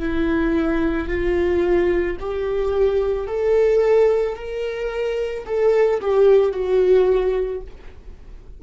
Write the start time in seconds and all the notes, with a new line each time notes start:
0.00 E4
1.08 F4
2.20 G4
3.28 A4
4.36 A#4
5.46 A4
6.01 G4
6.52 F#4